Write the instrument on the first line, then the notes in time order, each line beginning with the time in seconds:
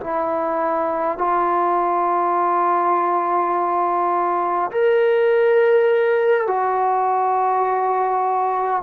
trombone
0.00 E4
1.18 F4
4.71 A#4
6.47 F#4